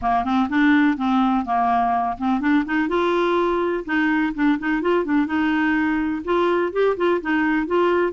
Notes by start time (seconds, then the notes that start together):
0.01 A#3
0.24 C4
0.49 D4
0.97 C4
1.45 A#3
2.18 C4
2.40 D4
2.65 D#4
2.88 F4
3.85 D#4
4.34 D4
4.59 D#4
4.81 F4
5.04 D4
5.26 D#4
6.24 F4
6.72 G4
6.96 F4
7.21 D#4
7.67 F4